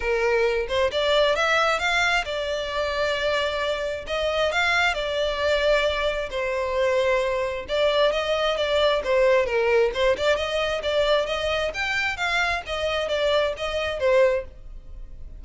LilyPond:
\new Staff \with { instrumentName = "violin" } { \time 4/4 \tempo 4 = 133 ais'4. c''8 d''4 e''4 | f''4 d''2.~ | d''4 dis''4 f''4 d''4~ | d''2 c''2~ |
c''4 d''4 dis''4 d''4 | c''4 ais'4 c''8 d''8 dis''4 | d''4 dis''4 g''4 f''4 | dis''4 d''4 dis''4 c''4 | }